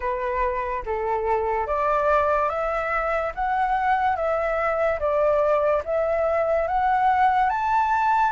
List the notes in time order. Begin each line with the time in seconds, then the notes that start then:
0.00 B4
0.85 A4
1.67 D5
2.48 E5
3.34 F#5
4.16 E5
4.99 D5
5.84 E5
6.67 F#5
7.49 A5